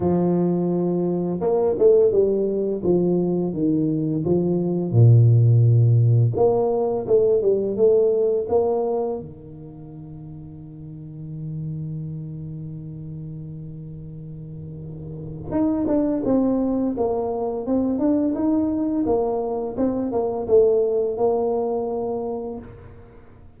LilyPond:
\new Staff \with { instrumentName = "tuba" } { \time 4/4 \tempo 4 = 85 f2 ais8 a8 g4 | f4 dis4 f4 ais,4~ | ais,4 ais4 a8 g8 a4 | ais4 dis2.~ |
dis1~ | dis2 dis'8 d'8 c'4 | ais4 c'8 d'8 dis'4 ais4 | c'8 ais8 a4 ais2 | }